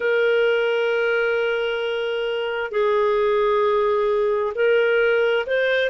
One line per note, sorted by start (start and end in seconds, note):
0.00 2.71 A#4
2.71 4.52 G#4
4.55 5.45 A#4
5.46 5.90 C5